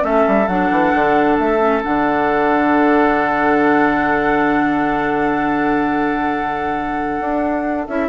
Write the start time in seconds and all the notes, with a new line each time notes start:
0.00 A3 C#4 A4 E5
0.27 G3
0.47 F#3 D4 F#5
0.70 E3
0.94 D3
1.38 A3 E5
1.59 C#4
1.83 D3 D4 F#5
7.20 D4
7.87 C#4 E4 E5